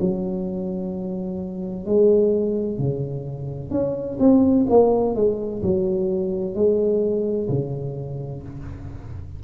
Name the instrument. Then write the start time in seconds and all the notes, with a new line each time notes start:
tuba
0.00 F#3
1.85 G#3
2.78 C#3
3.70 C#4
4.19 C4
4.69 A#3
5.15 G#3
5.62 F#3
6.55 G#3
7.48 C#3